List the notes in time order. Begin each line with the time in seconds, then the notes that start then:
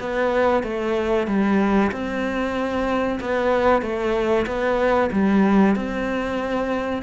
0.00 B3
0.63 A3
1.27 G3
1.91 C4
3.20 B3
3.82 A3
4.46 B3
5.12 G3
5.76 C4